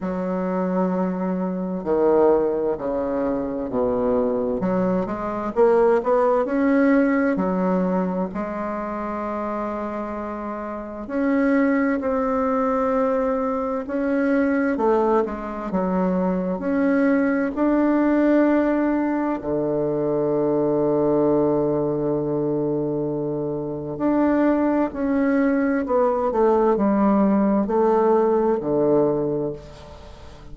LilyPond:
\new Staff \with { instrumentName = "bassoon" } { \time 4/4 \tempo 4 = 65 fis2 dis4 cis4 | b,4 fis8 gis8 ais8 b8 cis'4 | fis4 gis2. | cis'4 c'2 cis'4 |
a8 gis8 fis4 cis'4 d'4~ | d'4 d2.~ | d2 d'4 cis'4 | b8 a8 g4 a4 d4 | }